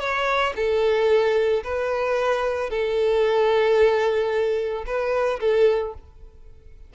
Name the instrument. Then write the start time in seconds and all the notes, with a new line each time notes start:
violin
0.00 C#5
0.56 A4
1.64 B4
2.70 A4
4.87 B4
5.40 A4